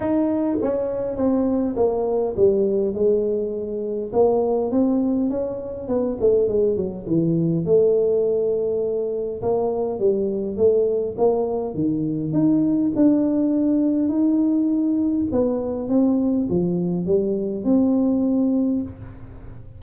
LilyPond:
\new Staff \with { instrumentName = "tuba" } { \time 4/4 \tempo 4 = 102 dis'4 cis'4 c'4 ais4 | g4 gis2 ais4 | c'4 cis'4 b8 a8 gis8 fis8 | e4 a2. |
ais4 g4 a4 ais4 | dis4 dis'4 d'2 | dis'2 b4 c'4 | f4 g4 c'2 | }